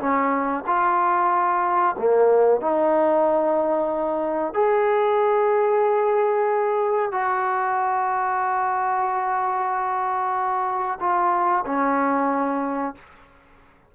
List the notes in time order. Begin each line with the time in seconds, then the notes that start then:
0.00 C#4
0.67 F4
1.99 A#3
2.62 D#4
4.54 G#4
7.12 F#4
11.01 F4
11.66 C#4